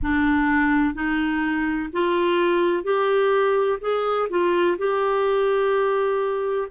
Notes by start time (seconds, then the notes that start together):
0.02 D4
0.94 D#4
1.92 F4
2.83 G4
3.81 G#4
4.29 F4
4.77 G4